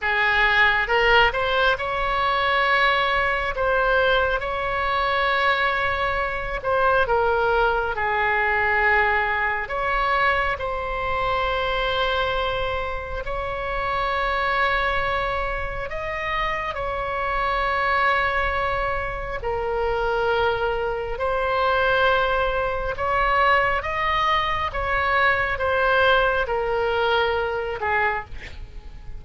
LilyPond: \new Staff \with { instrumentName = "oboe" } { \time 4/4 \tempo 4 = 68 gis'4 ais'8 c''8 cis''2 | c''4 cis''2~ cis''8 c''8 | ais'4 gis'2 cis''4 | c''2. cis''4~ |
cis''2 dis''4 cis''4~ | cis''2 ais'2 | c''2 cis''4 dis''4 | cis''4 c''4 ais'4. gis'8 | }